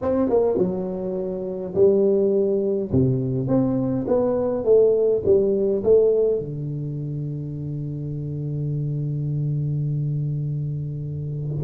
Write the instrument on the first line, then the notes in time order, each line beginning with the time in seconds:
tuba
0.01 C4
0.29 A#3
0.57 F#3
1.74 G3
2.92 C3
3.47 C4
4.07 B3
4.64 A3
5.25 G3
5.83 A3
6.39 D3